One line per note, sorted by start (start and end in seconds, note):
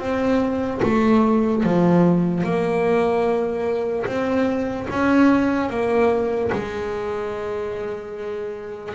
0.00 0.81 C4
0.83 1.64 A3
1.64 2.44 F3
2.44 4.06 A#3
4.07 4.88 C4
4.90 5.70 C#4
5.70 6.51 A#3
6.53 8.95 G#3